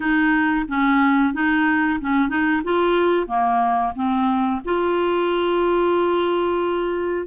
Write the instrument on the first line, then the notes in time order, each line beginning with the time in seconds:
clarinet
0.00 D#4
0.68 C#4
1.33 D#4
2.00 C#4
2.29 D#4
2.64 F4
3.27 A#3
3.95 C4
4.65 F4